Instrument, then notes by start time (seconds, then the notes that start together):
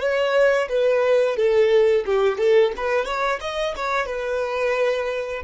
violin
0.00 C#5
0.69 B4
1.36 A4
2.05 G4
2.38 A4
2.76 B4
3.05 C#5
3.41 D#5
3.76 C#5
4.06 B4